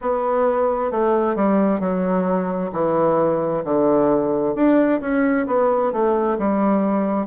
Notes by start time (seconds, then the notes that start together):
0.01 B3
0.91 A3
1.35 G3
1.80 F#3
2.72 E3
3.64 D3
4.55 D4
5.00 C#4
5.46 B3
5.92 A3
6.38 G3